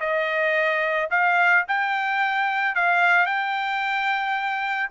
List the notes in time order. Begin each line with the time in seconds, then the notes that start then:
0.00 D#5
1.10 F5
1.68 G5
2.75 F5
3.26 G5